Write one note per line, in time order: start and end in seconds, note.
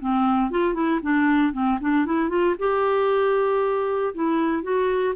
0.00 0.51 C4
0.51 0.74 F4
0.74 0.99 E4
1.02 1.53 D4
1.53 1.78 C4
1.80 2.05 D4
2.05 2.29 E4
2.29 2.55 F4
2.58 4.14 G4
4.14 4.62 E4
4.62 5.14 F#4